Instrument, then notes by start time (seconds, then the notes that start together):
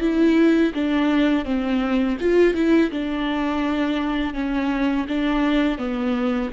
viola
0.00 E4
0.74 D4
1.45 C4
2.20 F4
2.54 E4
2.91 D4
4.34 C#4
5.08 D4
5.78 B3